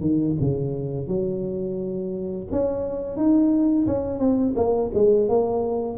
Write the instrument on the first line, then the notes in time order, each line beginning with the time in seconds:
tuba
0.00 D#3
0.40 C#3
1.07 F#3
2.51 C#4
3.16 D#4
3.86 C#4
4.19 C4
4.56 A#3
4.93 G#3
5.29 A#3